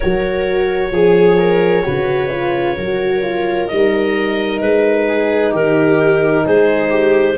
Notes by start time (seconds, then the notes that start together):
0.00 F#3 F#4 A#4 C#5
0.91 F3 G#4
1.38 A#4
1.83 C#3 F#4 B4
2.31 F4
2.76 F#3 F#4 A#4
3.22 F4
3.67 G3 D#4 D#5
4.60 G#3 B4
5.08 G#4
5.52 D#3 G4 A#4
6.44 G#3 G#4 C5
6.90 G4